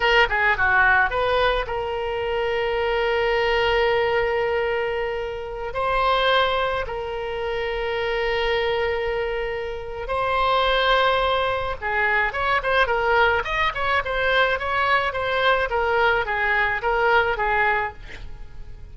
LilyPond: \new Staff \with { instrumentName = "oboe" } { \time 4/4 \tempo 4 = 107 ais'8 gis'8 fis'4 b'4 ais'4~ | ais'1~ | ais'2~ ais'16 c''4.~ c''16~ | c''16 ais'2.~ ais'8.~ |
ais'2 c''2~ | c''4 gis'4 cis''8 c''8 ais'4 | dis''8 cis''8 c''4 cis''4 c''4 | ais'4 gis'4 ais'4 gis'4 | }